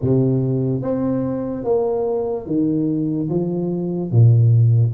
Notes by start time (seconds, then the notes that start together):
0.01 C3
0.81 C4
1.64 A#3
2.46 D#3
3.29 F3
4.11 A#2